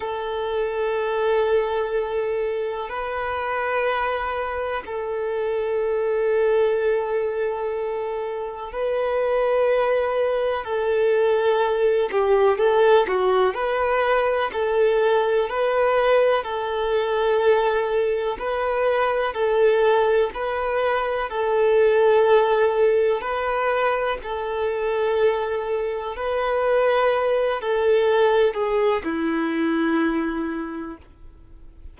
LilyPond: \new Staff \with { instrumentName = "violin" } { \time 4/4 \tempo 4 = 62 a'2. b'4~ | b'4 a'2.~ | a'4 b'2 a'4~ | a'8 g'8 a'8 fis'8 b'4 a'4 |
b'4 a'2 b'4 | a'4 b'4 a'2 | b'4 a'2 b'4~ | b'8 a'4 gis'8 e'2 | }